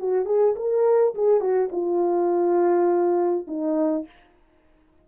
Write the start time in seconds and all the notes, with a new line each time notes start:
0.00 F#4
0.26 G#4
0.56 A#4
1.15 G#4
1.41 F#4
1.72 F4
3.48 D#4